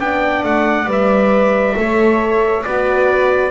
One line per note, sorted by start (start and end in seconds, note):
0.00 0.44 B3
0.00 0.87 D4
0.00 1.76 D5
0.00 0.44 G5
0.44 0.86 A3
0.44 0.89 F#5
0.86 1.74 G3
0.86 1.76 B4
0.86 2.64 E5
1.77 2.65 A3
1.77 2.65 A4
1.77 2.66 C#5
2.64 3.51 B3
2.64 3.51 F#4
2.64 3.51 B4
2.64 3.51 D5